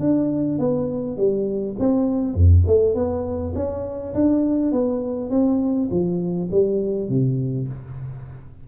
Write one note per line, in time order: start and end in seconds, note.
0.00 0.59 D4
0.59 1.17 B3
1.17 1.76 G3
1.79 2.35 C4
2.35 2.64 F2
2.67 2.95 A3
2.95 3.53 B3
3.55 4.14 C#4
4.15 4.72 D4
4.72 5.30 B3
5.30 5.89 C4
5.91 6.50 F3
6.51 7.09 G3
7.09 7.68 C3